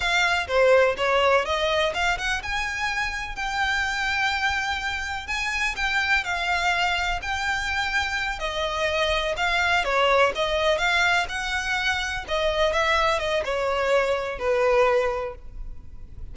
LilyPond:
\new Staff \with { instrumentName = "violin" } { \time 4/4 \tempo 4 = 125 f''4 c''4 cis''4 dis''4 | f''8 fis''8 gis''2 g''4~ | g''2. gis''4 | g''4 f''2 g''4~ |
g''4. dis''2 f''8~ | f''8 cis''4 dis''4 f''4 fis''8~ | fis''4. dis''4 e''4 dis''8 | cis''2 b'2 | }